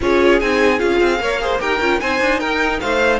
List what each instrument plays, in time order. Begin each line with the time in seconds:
0.01 cello C#4, viola F4, violin G#4 C#5
0.40 cello C4, viola D#4, violin G#5
0.78 cello C#4, viola F4, violin F5
1.00 cello C4
1.19 cello A#3, viola A#4, violin C#5
1.40 viola G#4, violin C5
1.59 cello D#4, viola G4, violin A#4 G5
1.80 cello C#4, viola F4
2.00 cello C4, viola D#4, violin C5 G#5
2.20 cello D4
2.39 cello D#4, violin A#4 G5
2.80 cello A3, violin C5 F5